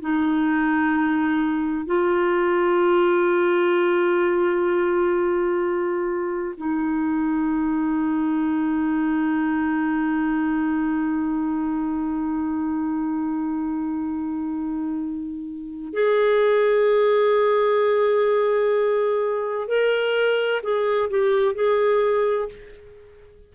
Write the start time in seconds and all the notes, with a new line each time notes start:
0.00 D#4
1.85 F4
6.57 D#4
15.93 G#4
19.67 A#4
20.62 G#4
21.10 G4
21.55 G#4